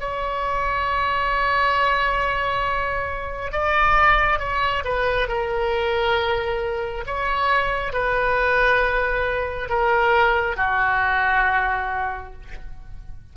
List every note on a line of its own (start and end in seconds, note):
0.00 3.52 C#5
3.52 4.39 D5
4.39 4.83 C#5
4.84 5.28 B4
5.28 7.04 A#4
7.06 7.93 C#5
7.93 9.69 B4
9.69 10.56 A#4
10.56 12.33 F#4